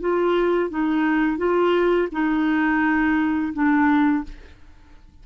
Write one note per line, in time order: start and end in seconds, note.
0.00 0.69 F4
0.69 1.37 D#4
1.37 2.08 F4
2.11 3.53 D#4
3.53 4.24 D4